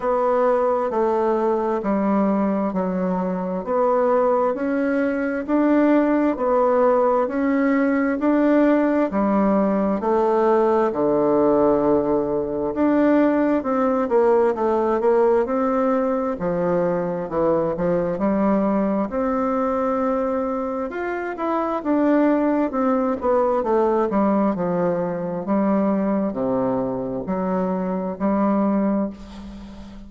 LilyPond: \new Staff \with { instrumentName = "bassoon" } { \time 4/4 \tempo 4 = 66 b4 a4 g4 fis4 | b4 cis'4 d'4 b4 | cis'4 d'4 g4 a4 | d2 d'4 c'8 ais8 |
a8 ais8 c'4 f4 e8 f8 | g4 c'2 f'8 e'8 | d'4 c'8 b8 a8 g8 f4 | g4 c4 fis4 g4 | }